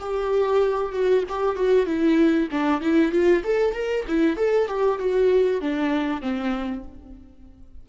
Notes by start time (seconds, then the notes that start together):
0.00 G4
0.93 F#4
1.29 G4
1.56 F#4
1.86 E4
2.51 D4
2.82 E4
3.12 F4
3.44 A4
3.74 A#4
4.08 E4
4.37 A4
4.68 G4
4.99 F#4
5.61 D4
6.22 C4